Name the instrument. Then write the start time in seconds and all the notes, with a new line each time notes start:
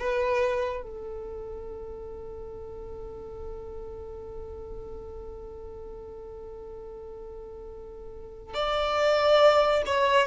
violin
0.00 B4
0.83 A4
8.55 D5
9.86 C#5